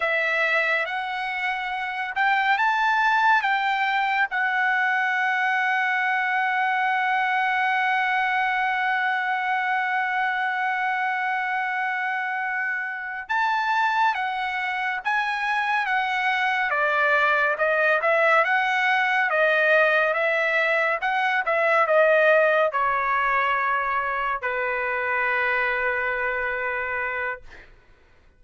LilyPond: \new Staff \with { instrumentName = "trumpet" } { \time 4/4 \tempo 4 = 70 e''4 fis''4. g''8 a''4 | g''4 fis''2.~ | fis''1~ | fis''2.~ fis''8 a''8~ |
a''8 fis''4 gis''4 fis''4 d''8~ | d''8 dis''8 e''8 fis''4 dis''4 e''8~ | e''8 fis''8 e''8 dis''4 cis''4.~ | cis''8 b'2.~ b'8 | }